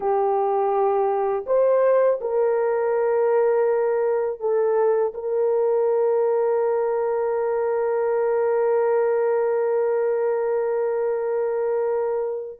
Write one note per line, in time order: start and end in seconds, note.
0.00 1.45 G4
1.46 2.19 C5
2.20 4.40 A#4
4.40 5.13 A4
5.14 12.60 A#4